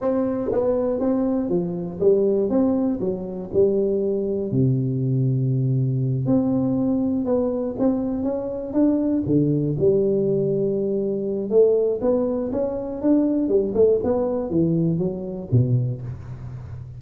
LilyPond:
\new Staff \with { instrumentName = "tuba" } { \time 4/4 \tempo 4 = 120 c'4 b4 c'4 f4 | g4 c'4 fis4 g4~ | g4 c2.~ | c8 c'2 b4 c'8~ |
c'8 cis'4 d'4 d4 g8~ | g2. a4 | b4 cis'4 d'4 g8 a8 | b4 e4 fis4 b,4 | }